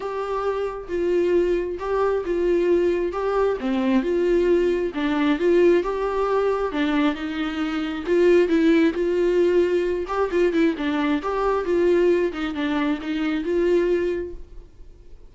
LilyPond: \new Staff \with { instrumentName = "viola" } { \time 4/4 \tempo 4 = 134 g'2 f'2 | g'4 f'2 g'4 | c'4 f'2 d'4 | f'4 g'2 d'4 |
dis'2 f'4 e'4 | f'2~ f'8 g'8 f'8 e'8 | d'4 g'4 f'4. dis'8 | d'4 dis'4 f'2 | }